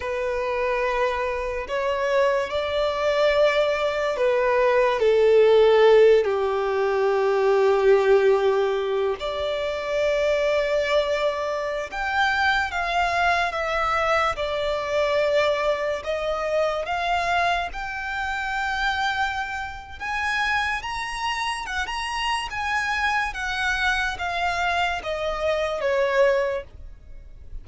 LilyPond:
\new Staff \with { instrumentName = "violin" } { \time 4/4 \tempo 4 = 72 b'2 cis''4 d''4~ | d''4 b'4 a'4. g'8~ | g'2. d''4~ | d''2~ d''16 g''4 f''8.~ |
f''16 e''4 d''2 dis''8.~ | dis''16 f''4 g''2~ g''8. | gis''4 ais''4 fis''16 ais''8. gis''4 | fis''4 f''4 dis''4 cis''4 | }